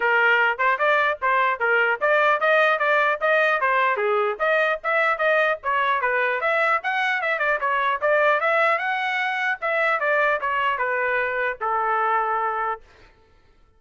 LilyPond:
\new Staff \with { instrumentName = "trumpet" } { \time 4/4 \tempo 4 = 150 ais'4. c''8 d''4 c''4 | ais'4 d''4 dis''4 d''4 | dis''4 c''4 gis'4 dis''4 | e''4 dis''4 cis''4 b'4 |
e''4 fis''4 e''8 d''8 cis''4 | d''4 e''4 fis''2 | e''4 d''4 cis''4 b'4~ | b'4 a'2. | }